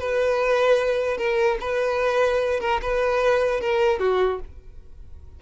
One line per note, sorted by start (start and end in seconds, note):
0.00 1.18 B4
1.18 1.58 A#4
1.61 2.61 B4
2.61 2.81 A#4
2.82 3.61 B4
3.61 4.00 A#4
4.00 4.40 F#4